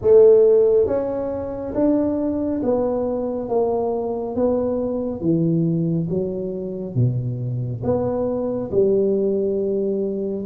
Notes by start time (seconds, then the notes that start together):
0.01 A3
0.87 C#4
1.74 D4
2.62 B3
3.48 A#3
4.35 B3
5.20 E3
6.09 F#3
6.94 B2
7.83 B3
8.71 G3